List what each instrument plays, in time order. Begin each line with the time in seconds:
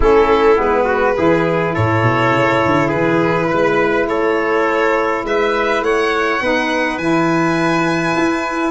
0.00 tuba A3, saxophone C#4, trumpet E4, violin A4
0.55 tuba G#3, saxophone B3
0.62 violin B4
0.84 trumpet F#4
1.14 tuba E3, saxophone E4, trumpet G#4
1.73 tuba A2, trumpet A4, violin C#5
2.02 tuba B2
2.31 tuba C#3
2.65 tuba D3
2.87 tuba E3, trumpet G#4, violin B4
3.49 tuba G#3, trumpet B4
4.06 tuba A3, trumpet A4, violin C#5
5.24 tuba G#3, trumpet B4, violin E5
5.80 tuba A3, trumpet C#5, violin F#5
6.41 tuba B3, saxophone D#4, trumpet B4
6.98 tuba E3, saxophone E4, violin G#5
8.16 tuba E4